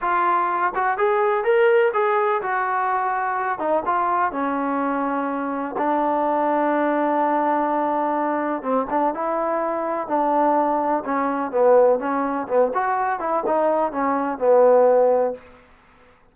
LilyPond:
\new Staff \with { instrumentName = "trombone" } { \time 4/4 \tempo 4 = 125 f'4. fis'8 gis'4 ais'4 | gis'4 fis'2~ fis'8 dis'8 | f'4 cis'2. | d'1~ |
d'2 c'8 d'8 e'4~ | e'4 d'2 cis'4 | b4 cis'4 b8 fis'4 e'8 | dis'4 cis'4 b2 | }